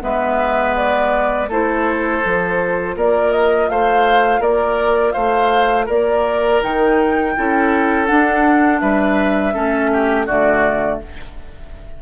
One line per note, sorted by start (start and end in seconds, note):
0.00 1.49 G#3
0.00 1.46 B3
0.00 1.49 B4
0.00 0.75 E5
0.76 1.49 D5
1.49 2.22 A3
1.49 2.22 E4
1.49 2.95 A4
1.49 2.98 C5
2.22 2.96 F3
2.22 6.61 F4
2.96 3.69 A#3
2.96 3.70 A#4
2.96 3.32 D5
3.32 3.69 D#5
3.69 4.40 A3
3.69 4.40 C5
3.69 4.42 F5
4.40 5.13 A#3
4.40 5.13 A#4
4.40 5.12 D5
5.12 5.88 A3
5.12 5.86 C5
5.12 5.85 F5
5.86 6.62 A#3
5.86 7.32 A#4
5.86 6.62 D5
6.61 7.36 D#3
6.61 7.35 D#4
6.61 8.06 G5
7.36 8.10 C#4
7.36 8.07 E4
7.36 8.81 A4
8.06 9.53 D4
8.06 8.81 D4
8.06 8.79 F#5
8.79 9.54 G3
8.79 9.53 B4
8.79 10.26 E5
9.53 10.28 A3
9.53 10.26 C#4
9.53 9.90 A4
9.92 10.26 G4
10.26 11.01 D3
10.26 11.02 A3
10.26 10.99 F#4
10.26 10.99 D5